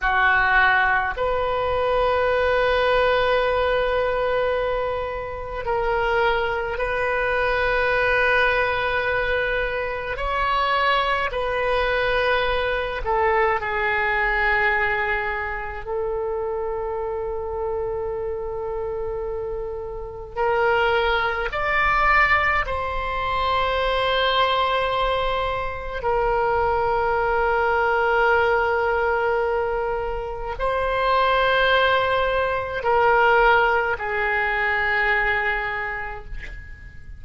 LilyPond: \new Staff \with { instrumentName = "oboe" } { \time 4/4 \tempo 4 = 53 fis'4 b'2.~ | b'4 ais'4 b'2~ | b'4 cis''4 b'4. a'8 | gis'2 a'2~ |
a'2 ais'4 d''4 | c''2. ais'4~ | ais'2. c''4~ | c''4 ais'4 gis'2 | }